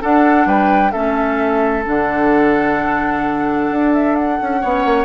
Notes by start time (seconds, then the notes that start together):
0.00 D4 A4 F#5
0.46 G3 B4 G5
0.92 A3 C#4 A4 E5
1.84 D3 D4 F#5
3.71 D4
3.94 E5
4.16 F#5
4.42 C#4
4.61 B3 C#4 C#5
4.85 A#3